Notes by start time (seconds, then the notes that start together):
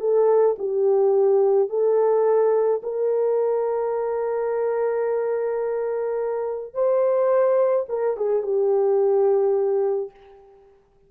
0.00 A4
0.58 G4
1.69 A4
2.82 A#4
6.74 C5
7.89 A#4
8.16 G#4
8.42 G4